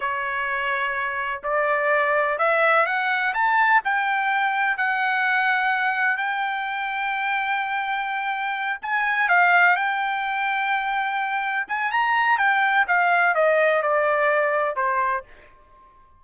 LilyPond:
\new Staff \with { instrumentName = "trumpet" } { \time 4/4 \tempo 4 = 126 cis''2. d''4~ | d''4 e''4 fis''4 a''4 | g''2 fis''2~ | fis''4 g''2.~ |
g''2~ g''8 gis''4 f''8~ | f''8 g''2.~ g''8~ | g''8 gis''8 ais''4 g''4 f''4 | dis''4 d''2 c''4 | }